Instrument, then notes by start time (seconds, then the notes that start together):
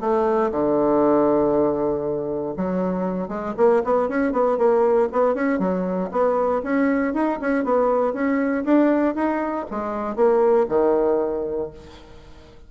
bassoon
0.00 A3
0.52 D3
2.56 F#3
3.28 G#3
3.57 A#3
3.84 B3
4.08 C#4
4.32 B3
4.58 A#3
5.12 B3
5.35 C#4
5.59 F#3
6.11 B3
6.63 C#4
7.13 D#4
7.41 C#4
7.64 B3
8.13 C#4
8.64 D4
9.15 D#4
9.71 G#3
10.16 A#3
10.69 D#3